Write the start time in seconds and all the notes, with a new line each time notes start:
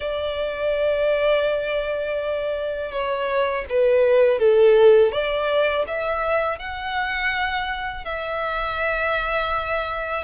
0.00 D5
2.91 C#5
3.69 B4
4.39 A4
5.12 D5
5.87 E5
6.58 F#5
8.04 E5